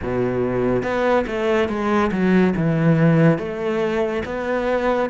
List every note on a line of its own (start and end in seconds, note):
0.02 0.83 B2
0.83 1.25 B3
1.26 1.68 A3
1.68 2.10 G#3
2.11 2.54 F#3
2.56 3.38 E3
3.38 4.23 A3
4.25 5.09 B3